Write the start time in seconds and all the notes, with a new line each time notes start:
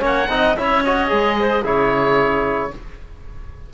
0.00 A#3 C#4 C#5
0.06 F#5
0.29 C4 D#4 D#5
0.57 C#4 E4 C#5 E5
0.85 F#4 D#5
1.09 G#3 G#4
1.40 C5
1.64 C#3 E4 G#4 C#5